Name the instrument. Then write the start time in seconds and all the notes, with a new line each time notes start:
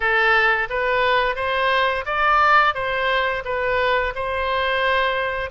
oboe
0.00 A4
0.69 B4
1.35 C5
2.05 D5
2.74 C5
3.45 B4
4.15 C5